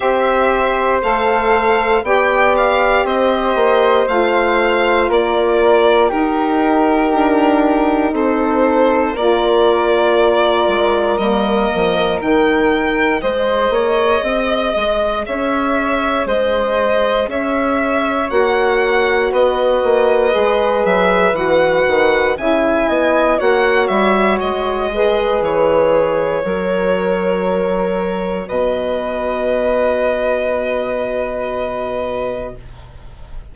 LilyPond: <<
  \new Staff \with { instrumentName = "violin" } { \time 4/4 \tempo 4 = 59 e''4 f''4 g''8 f''8 dis''4 | f''4 d''4 ais'2 | c''4 d''2 dis''4 | g''4 dis''2 e''4 |
dis''4 e''4 fis''4 dis''4~ | dis''8 e''8 fis''4 gis''4 fis''8 e''8 | dis''4 cis''2. | dis''1 | }
  \new Staff \with { instrumentName = "flute" } { \time 4/4 c''2 d''4 c''4~ | c''4 ais'4 g'2 | a'4 ais'2.~ | ais'4 c''8 cis''8 dis''4 cis''4 |
c''4 cis''2 b'4~ | b'2 e''8 dis''8 cis''4~ | cis''8 b'4. ais'2 | b'1 | }
  \new Staff \with { instrumentName = "saxophone" } { \time 4/4 g'4 a'4 g'2 | f'2 dis'2~ | dis'4 f'2 ais4 | dis'4 gis'2.~ |
gis'2 fis'2 | gis'4 fis'4 e'4 fis'4~ | fis'8 gis'4. fis'2~ | fis'1 | }
  \new Staff \with { instrumentName = "bassoon" } { \time 4/4 c'4 a4 b4 c'8 ais8 | a4 ais4 dis'4 d'4 | c'4 ais4. gis8 g8 f8 | dis4 gis8 ais8 c'8 gis8 cis'4 |
gis4 cis'4 ais4 b8 ais8 | gis8 fis8 e8 dis8 cis8 b8 ais8 g8 | gis4 e4 fis2 | b,1 | }
>>